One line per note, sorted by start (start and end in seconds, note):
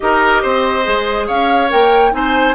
0.00 0.44 D#4
0.00 0.83 G4
0.00 0.42 A#4
0.00 1.25 D#5
0.42 0.86 C4
0.42 1.27 C5
0.83 1.29 G#3
0.83 1.68 G#4
1.27 1.72 C#4
1.27 2.12 C#5
1.27 1.70 F5
1.69 2.13 A#3
1.69 2.11 A#4
1.69 2.13 G5
2.11 2.55 C4
2.11 2.54 D#4
2.11 2.55 C5
2.11 2.55 G#5